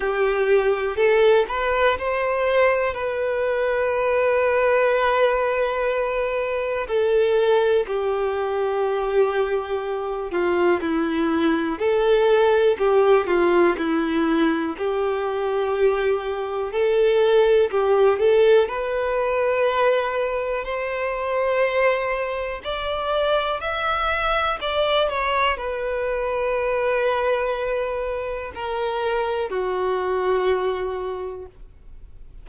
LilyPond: \new Staff \with { instrumentName = "violin" } { \time 4/4 \tempo 4 = 61 g'4 a'8 b'8 c''4 b'4~ | b'2. a'4 | g'2~ g'8 f'8 e'4 | a'4 g'8 f'8 e'4 g'4~ |
g'4 a'4 g'8 a'8 b'4~ | b'4 c''2 d''4 | e''4 d''8 cis''8 b'2~ | b'4 ais'4 fis'2 | }